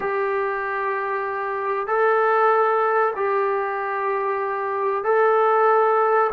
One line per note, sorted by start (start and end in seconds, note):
0.00 1.87 G4
1.87 3.13 A4
3.16 5.04 G4
5.04 6.30 A4